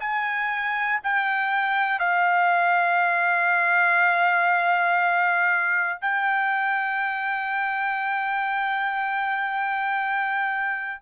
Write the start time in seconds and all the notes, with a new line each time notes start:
0.00 G#5
1.03 G5
1.99 F5
6.01 G5